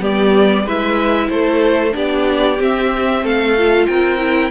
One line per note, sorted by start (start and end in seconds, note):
0.00 0.64 G3
0.00 0.65 B3
0.00 0.64 G4
0.00 0.68 D5
0.64 1.28 G#3
0.64 1.92 E4
0.64 1.28 B4
0.64 1.29 E5
1.29 1.94 A3
1.29 1.95 A4
1.29 1.94 C5
1.92 2.59 B3
1.92 2.56 D4
1.92 3.23 G4
1.92 2.61 D5
2.59 3.22 C4
2.59 3.57 C4
2.59 3.26 E5
3.22 3.87 A3
3.22 3.87 A4
3.22 3.86 F5
3.57 4.18 F4
3.86 4.51 C4
3.86 4.51 A#4
3.86 4.51 G5
4.18 4.50 E4